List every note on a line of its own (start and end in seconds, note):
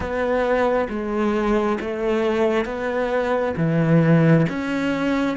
0.00 0.88 B3
0.89 1.79 G#3
1.80 2.65 A3
2.65 3.55 B3
3.57 4.46 E3
4.49 5.37 C#4